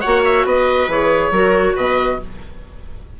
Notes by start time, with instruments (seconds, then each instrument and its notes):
0.00 bassoon A#3, clarinet F#4, viola C#5, oboe F#5
0.24 oboe E5
0.44 bassoon B3, viola B4, oboe D#5
0.87 bassoon E3, clarinet G#4, oboe C#5
1.31 bassoon F#3, clarinet F#4, viola A#4
1.76 bassoon B2, viola B4, oboe D#5